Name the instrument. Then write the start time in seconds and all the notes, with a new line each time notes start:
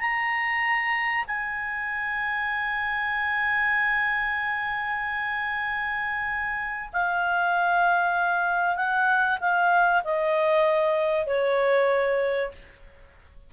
clarinet
0.00 A#5
1.27 G#5
6.93 F5
8.76 F#5
9.40 F5
10.04 D#5
11.26 C#5